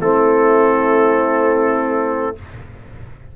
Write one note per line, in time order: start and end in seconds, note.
0.00 2.36 A3
0.00 2.35 C4
0.00 2.36 E4
0.00 2.36 A4